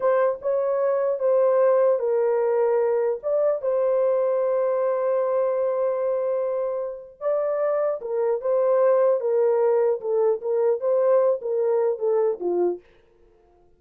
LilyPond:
\new Staff \with { instrumentName = "horn" } { \time 4/4 \tempo 4 = 150 c''4 cis''2 c''4~ | c''4 ais'2. | d''4 c''2.~ | c''1~ |
c''2 d''2 | ais'4 c''2 ais'4~ | ais'4 a'4 ais'4 c''4~ | c''8 ais'4. a'4 f'4 | }